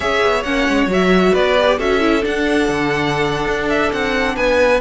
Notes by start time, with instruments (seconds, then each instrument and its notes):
0.00 cello C#4, viola G#4, violin C#5 E5
0.23 cello B3
0.43 cello A#3, viola C#4, violin F#5
0.68 cello G#3
0.86 cello F#3, viola F#4
0.92 violin E5
1.32 cello B3, violin B4 D5
1.58 viola G4
1.77 cello C#4, viola F#4, violin A4 E5
2.00 viola E4
2.21 viola D4, cello D4, violin F#5
2.68 cello D3
3.46 cello D4
3.69 violin E5
3.92 cello C4, violin F#5
4.36 cello B3, violin B4 G#5